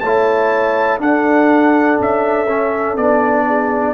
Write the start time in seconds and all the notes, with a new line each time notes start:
0.00 A3 E4 C#5 A5
0.99 D4 A4 F#5
2.00 C#4 E5
2.48 C#4
2.97 B3 D4 D5
3.47 G#4